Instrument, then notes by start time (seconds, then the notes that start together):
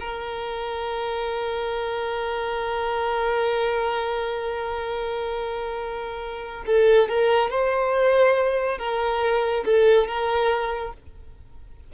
violin
0.00 A#4
6.67 A4
7.09 A#4
7.50 C5
8.79 A#4
9.65 A4
10.08 A#4